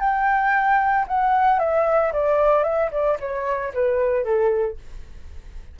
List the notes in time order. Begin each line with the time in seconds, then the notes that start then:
0.00 G5
1.08 F#5
1.59 E5
2.13 D5
2.64 E5
2.92 D5
3.20 C#5
3.74 B4
4.24 A4